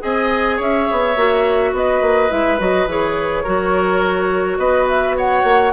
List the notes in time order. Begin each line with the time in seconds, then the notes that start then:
0.00 C4 G#4 D#5 G#5
0.57 C#4 C#5 E5
0.92 B3
1.16 A#3 F#4
1.73 B3 B4 D#5
2.01 A#3
2.30 G#3 E4 E5
2.58 F#3 F#4 D#5
2.86 E3 G#4 C#5
3.43 F#3 F#4 A#4
4.58 B3 B4 D#5
4.88 E5
5.17 C#5 F#5
5.44 A#3